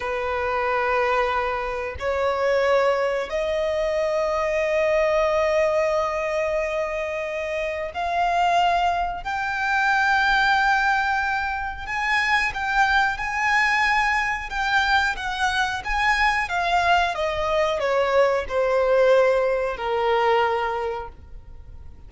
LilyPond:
\new Staff \with { instrumentName = "violin" } { \time 4/4 \tempo 4 = 91 b'2. cis''4~ | cis''4 dis''2.~ | dis''1 | f''2 g''2~ |
g''2 gis''4 g''4 | gis''2 g''4 fis''4 | gis''4 f''4 dis''4 cis''4 | c''2 ais'2 | }